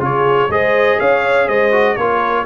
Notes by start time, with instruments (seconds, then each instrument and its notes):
0.00 tuba C#3, trombone F4, horn G#4, trumpet C#5
0.49 tuba G#3, trombone G#4, horn C5, trumpet D#5
0.99 tuba C#4, horn C#5, trumpet F5
1.47 tuba G#3, horn C5, trumpet D#5
1.72 trombone F#4
1.96 tuba A#3, trombone F4, horn A#4, trumpet C#5